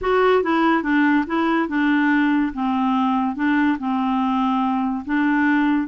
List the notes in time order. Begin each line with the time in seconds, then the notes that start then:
0.01 F#4
0.43 E4
0.82 D4
1.26 E4
1.68 D4
2.53 C4
3.35 D4
3.78 C4
5.05 D4